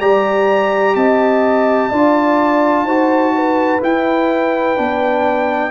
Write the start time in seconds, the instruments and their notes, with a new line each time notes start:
0.00 tuba G3, trombone G4, horn D5, trumpet A#5
0.95 tuba C4, horn D#5, trumpet A5
1.89 tuba D4, trombone F4, horn D5
2.83 tuba D#4, trombone F#4, horn C5
3.35 horn B4
3.81 trombone E4, tuba E4, trumpet G5
4.76 tuba B3, trombone D4